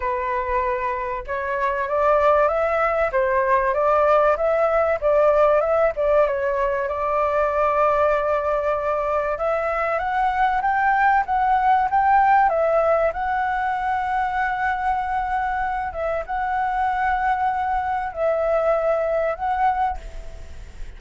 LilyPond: \new Staff \with { instrumentName = "flute" } { \time 4/4 \tempo 4 = 96 b'2 cis''4 d''4 | e''4 c''4 d''4 e''4 | d''4 e''8 d''8 cis''4 d''4~ | d''2. e''4 |
fis''4 g''4 fis''4 g''4 | e''4 fis''2.~ | fis''4. e''8 fis''2~ | fis''4 e''2 fis''4 | }